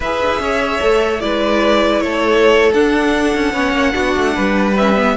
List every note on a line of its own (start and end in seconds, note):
0.00 0.20 E4
0.00 0.81 G#4
0.00 0.41 B4
0.00 1.20 E5
0.21 0.29 D4
0.29 0.39 E4
0.39 0.79 C#4
0.39 1.22 C#5
0.81 1.22 A3
0.81 1.20 A4
1.20 2.02 G#3
1.20 2.72 E4
1.20 2.03 B4
1.20 2.01 D5
2.01 2.73 A3
2.01 3.52 A4
2.01 2.72 C#5
2.73 3.33 D4
2.73 3.53 D4
2.73 4.76 F#5
3.35 3.53 C#4
3.52 3.72 B3
3.52 3.92 C#4
3.52 3.93 C#5
3.72 3.92 A#3
3.92 4.16 B3
3.92 4.73 D4
3.92 4.34 F#4
4.16 4.36 A3
4.34 5.16 G3
4.34 5.15 B4
4.77 4.96 C#4
4.77 5.16 E5
4.96 5.16 B3